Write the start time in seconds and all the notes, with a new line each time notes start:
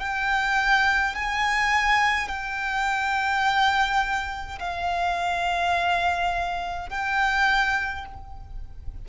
0.00 G5
1.16 G#5
2.29 G5
4.59 F5
6.90 G5